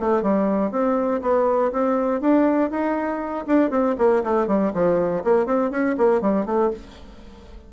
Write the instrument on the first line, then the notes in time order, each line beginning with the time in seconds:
bassoon
0.00 A3
0.22 G3
0.71 C4
1.22 B3
1.72 C4
2.21 D4
2.70 D#4
3.47 D4
3.70 C4
3.98 A#3
4.24 A3
4.47 G3
4.73 F3
5.24 A#3
5.46 C4
5.71 C#4
5.97 A#3
6.21 G3
6.46 A3